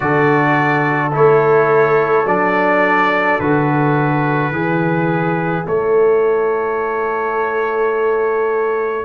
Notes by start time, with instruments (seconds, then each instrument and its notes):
0.00 tuba D3, trombone F#4, horn A4, trumpet D5
1.12 tuba A3, trombone E4, trumpet C#5
2.25 tuba F#3, trombone D4, trumpet D5
3.39 tuba D3, trombone F#4, trumpet B4
4.51 tuba E3, trombone E4, horn G#4
5.66 tuba A3, horn A4, trumpet C#5